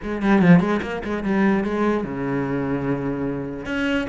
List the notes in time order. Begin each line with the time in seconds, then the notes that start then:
0.02 G#3
0.22 G3
0.41 F3
0.60 G#3
0.82 A#3
1.03 G#3
1.23 G3
1.63 G#3
2.04 C#3
3.65 C#4